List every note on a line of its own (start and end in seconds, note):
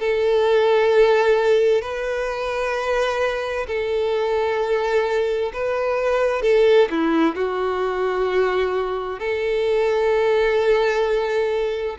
0.00 1.82 A4
1.82 3.67 B4
3.68 5.52 A4
5.54 6.42 B4
6.42 6.89 A4
6.91 7.36 E4
7.36 9.20 F#4
9.20 11.97 A4